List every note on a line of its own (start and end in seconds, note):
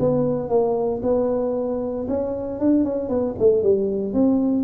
0.00 0.49 B3
0.49 1.02 A#3
1.03 2.08 B3
2.09 2.60 C#4
2.60 2.85 D4
2.85 3.09 C#4
3.09 3.36 B3
3.39 3.63 A3
3.63 4.14 G3
4.14 4.64 C4